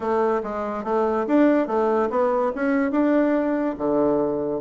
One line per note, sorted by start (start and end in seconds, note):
0.00 0.41 A3
0.43 0.84 G#3
0.84 1.26 A3
1.27 1.67 D4
1.67 2.09 A3
2.10 2.52 B3
2.55 2.91 C#4
2.91 3.75 D4
3.78 4.61 D3